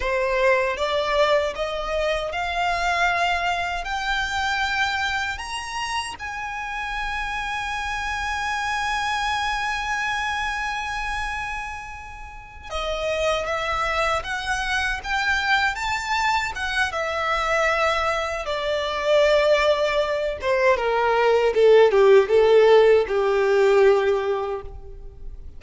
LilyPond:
\new Staff \with { instrumentName = "violin" } { \time 4/4 \tempo 4 = 78 c''4 d''4 dis''4 f''4~ | f''4 g''2 ais''4 | gis''1~ | gis''1~ |
gis''8 dis''4 e''4 fis''4 g''8~ | g''8 a''4 fis''8 e''2 | d''2~ d''8 c''8 ais'4 | a'8 g'8 a'4 g'2 | }